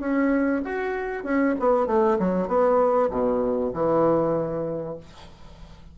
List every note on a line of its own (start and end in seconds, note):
0.00 0.62 C#4
0.65 1.24 F#4
1.24 1.55 C#4
1.59 1.87 B3
1.87 2.18 A3
2.19 2.48 F#3
2.48 3.10 B3
3.10 3.72 B2
3.73 4.97 E3